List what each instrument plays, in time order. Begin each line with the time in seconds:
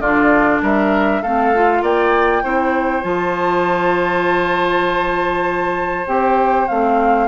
0.00 bassoon D3, clarinet D4, oboe F4, flute D5
0.62 bassoon G3, oboe A#4, flute E5
1.22 bassoon A3, clarinet C4, oboe A4, flute F5
1.55 clarinet F4
1.82 bassoon A#3, oboe D5, flute G5
2.43 bassoon C4, clarinet E4, oboe C5
3.03 bassoon F3, clarinet F4, flute A5
6.07 bassoon C4, clarinet G4, flute G5
6.68 bassoon A3, clarinet C4, flute F5